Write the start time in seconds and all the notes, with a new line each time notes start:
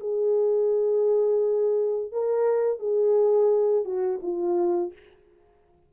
0.00 G#4
2.11 A#4
2.79 G#4
3.84 F#4
4.22 F4